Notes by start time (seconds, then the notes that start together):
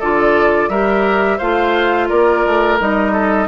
0.00 D3 F4 A4 D5
0.69 G3 G4 A#4 E5
1.39 A3 F4 C5 F5
2.09 A#3 A#4 D5
2.46 A3
2.80 G3 D#4 D#5
3.13 A4